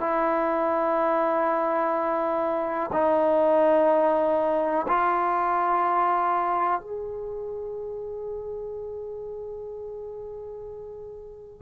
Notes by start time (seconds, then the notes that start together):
0.00 E4
2.93 D#4
4.88 F4
6.80 G#4